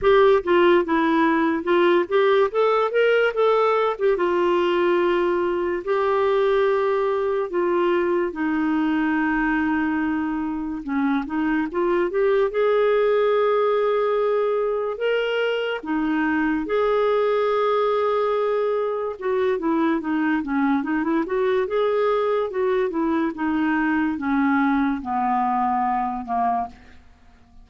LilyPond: \new Staff \with { instrumentName = "clarinet" } { \time 4/4 \tempo 4 = 72 g'8 f'8 e'4 f'8 g'8 a'8 ais'8 | a'8. g'16 f'2 g'4~ | g'4 f'4 dis'2~ | dis'4 cis'8 dis'8 f'8 g'8 gis'4~ |
gis'2 ais'4 dis'4 | gis'2. fis'8 e'8 | dis'8 cis'8 dis'16 e'16 fis'8 gis'4 fis'8 e'8 | dis'4 cis'4 b4. ais8 | }